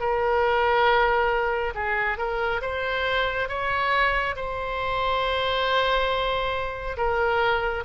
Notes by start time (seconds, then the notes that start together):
0.00 A#4
1.75 G#4
2.18 A#4
2.62 C5
3.49 C#5
4.36 C5
6.97 A#4